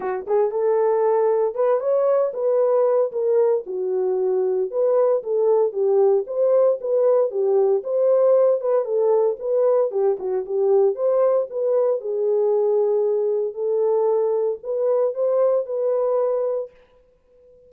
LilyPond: \new Staff \with { instrumentName = "horn" } { \time 4/4 \tempo 4 = 115 fis'8 gis'8 a'2 b'8 cis''8~ | cis''8 b'4. ais'4 fis'4~ | fis'4 b'4 a'4 g'4 | c''4 b'4 g'4 c''4~ |
c''8 b'8 a'4 b'4 g'8 fis'8 | g'4 c''4 b'4 gis'4~ | gis'2 a'2 | b'4 c''4 b'2 | }